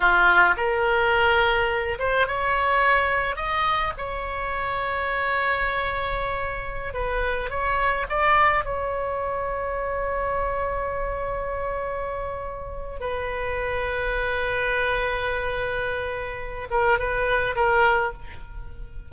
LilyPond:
\new Staff \with { instrumentName = "oboe" } { \time 4/4 \tempo 4 = 106 f'4 ais'2~ ais'8 c''8 | cis''2 dis''4 cis''4~ | cis''1~ | cis''16 b'4 cis''4 d''4 cis''8.~ |
cis''1~ | cis''2. b'4~ | b'1~ | b'4. ais'8 b'4 ais'4 | }